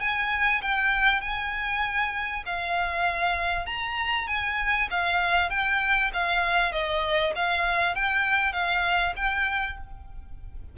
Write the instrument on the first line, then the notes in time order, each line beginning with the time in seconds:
violin
0.00 G#5
0.61 G5
1.21 G#5
2.45 F5
3.66 A#5
4.27 G#5
4.90 F5
5.49 G5
6.13 F5
6.72 D#5
7.35 F5
7.95 G5
8.52 F5
9.16 G5